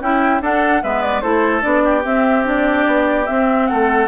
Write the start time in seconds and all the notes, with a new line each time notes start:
0.00 C#4 E4 G5
0.41 D4 A4 F#5
0.83 G#3 B3 B4 E5
1.02 D5
1.21 A3 E4 A4 C5
1.61 B3 D4 D5
1.84 G4
2.04 C4 E5
2.44 D4 D5
2.86 B3
3.26 C4 E5
3.67 A3 A4 F#5